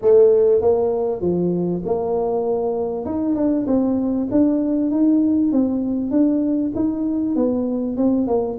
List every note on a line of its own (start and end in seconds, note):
0.01 0.61 A3
0.61 1.21 A#3
1.21 1.82 F3
1.85 3.05 A#3
3.05 3.35 D#4
3.35 3.65 D4
3.66 4.27 C4
4.31 4.91 D4
4.91 5.52 D#4
5.52 6.10 C4
6.10 6.72 D4
6.75 7.35 D#4
7.35 7.96 B3
7.96 8.27 C4
8.27 8.57 A#3